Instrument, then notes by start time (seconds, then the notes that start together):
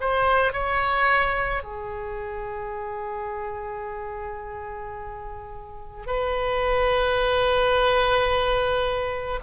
oboe
0.00 C5
0.53 C#5
1.63 G#4
6.06 B4